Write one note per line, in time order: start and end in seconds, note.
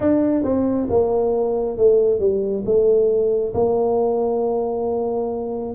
0.00 0.43 D4
0.43 0.87 C4
0.89 1.77 A#3
1.77 2.19 A3
2.19 2.64 G3
2.65 3.53 A3
3.54 5.74 A#3